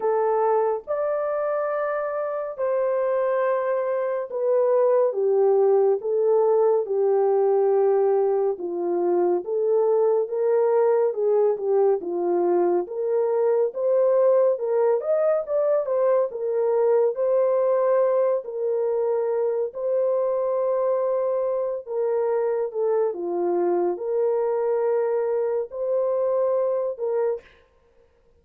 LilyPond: \new Staff \with { instrumentName = "horn" } { \time 4/4 \tempo 4 = 70 a'4 d''2 c''4~ | c''4 b'4 g'4 a'4 | g'2 f'4 a'4 | ais'4 gis'8 g'8 f'4 ais'4 |
c''4 ais'8 dis''8 d''8 c''8 ais'4 | c''4. ais'4. c''4~ | c''4. ais'4 a'8 f'4 | ais'2 c''4. ais'8 | }